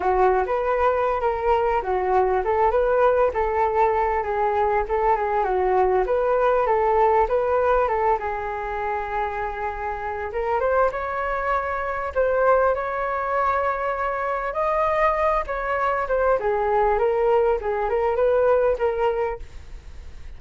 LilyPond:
\new Staff \with { instrumentName = "flute" } { \time 4/4 \tempo 4 = 99 fis'8. b'4~ b'16 ais'4 fis'4 | a'8 b'4 a'4. gis'4 | a'8 gis'8 fis'4 b'4 a'4 | b'4 a'8 gis'2~ gis'8~ |
gis'4 ais'8 c''8 cis''2 | c''4 cis''2. | dis''4. cis''4 c''8 gis'4 | ais'4 gis'8 ais'8 b'4 ais'4 | }